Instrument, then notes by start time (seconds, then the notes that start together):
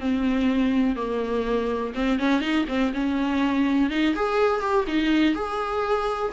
viola
0.00 C4
0.96 A#3
1.95 C4
2.19 C#4
2.41 D#4
2.68 C4
2.94 C#4
3.90 D#4
4.16 G#4
4.61 G4
4.87 D#4
5.35 G#4